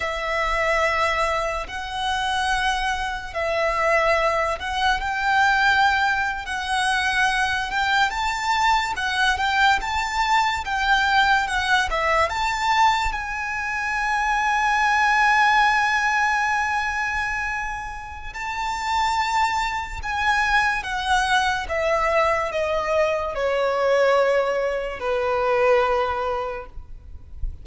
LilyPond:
\new Staff \with { instrumentName = "violin" } { \time 4/4 \tempo 4 = 72 e''2 fis''2 | e''4. fis''8 g''4.~ g''16 fis''16~ | fis''4~ fis''16 g''8 a''4 fis''8 g''8 a''16~ | a''8. g''4 fis''8 e''8 a''4 gis''16~ |
gis''1~ | gis''2 a''2 | gis''4 fis''4 e''4 dis''4 | cis''2 b'2 | }